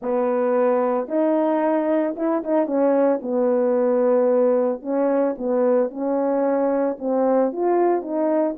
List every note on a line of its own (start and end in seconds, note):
0.02 1.08 B3
1.08 2.15 D#4
2.16 2.43 E4
2.43 2.66 D#4
2.66 3.19 C#4
3.21 4.81 B3
4.81 5.35 C#4
5.38 5.90 B3
5.90 6.97 C#4
6.98 7.52 C4
7.52 8.02 F4
8.02 8.55 D#4